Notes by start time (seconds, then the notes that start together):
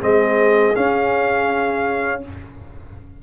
0.00 G#3 C4 G#4 D#5
0.74 C#4 F5